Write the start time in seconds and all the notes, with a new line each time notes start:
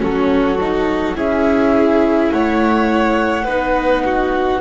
0.00 F#3 C#4 F#4 A4
0.61 D#4
1.15 C#4 E4 G#4 E5
2.32 A3 C#5 F#5
3.45 B3 D#4 B4
4.05 F#4